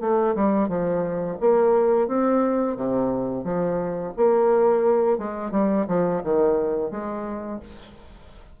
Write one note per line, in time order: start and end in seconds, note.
0.00 0.34 A3
0.35 0.68 G3
0.68 1.37 F3
1.40 2.07 A#3
2.07 2.76 C4
2.76 3.44 C3
3.44 4.13 F3
4.16 5.18 A#3
5.18 5.51 G#3
5.51 5.86 G3
5.87 6.22 F3
6.23 6.90 D#3
6.90 7.59 G#3